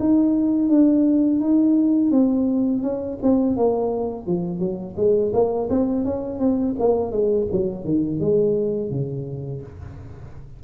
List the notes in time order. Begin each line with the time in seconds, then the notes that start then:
0.00 D#4
0.69 D4
1.41 D#4
2.11 C4
2.83 C#4
3.23 C4
3.57 A#3
4.27 F3
4.60 F#3
4.97 G#3
5.34 A#3
5.70 C4
6.05 C#4
6.40 C4
6.80 A#3
7.12 G#3
7.52 F#3
7.85 D#3
8.20 G#3
8.91 C#3